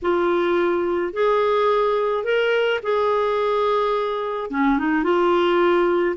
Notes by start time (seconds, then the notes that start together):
0.02 F4
1.13 G#4
2.24 A#4
2.82 G#4
4.50 C#4
4.78 D#4
5.03 F4